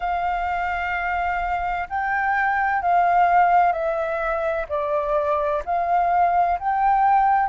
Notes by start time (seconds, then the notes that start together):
0.00 F5
1.89 G5
2.81 F5
3.72 E5
4.69 D5
5.65 F5
6.59 G5